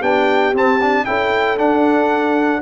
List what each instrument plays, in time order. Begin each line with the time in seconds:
0.00 tuba B3, trombone D4, horn G4, trumpet G5
0.54 tuba C4, trombone C4, trumpet A5
0.82 trombone D4
1.06 tuba C#4, trombone E4, horn A4, trumpet G5
1.58 trombone D4, tuba D4, trumpet F#5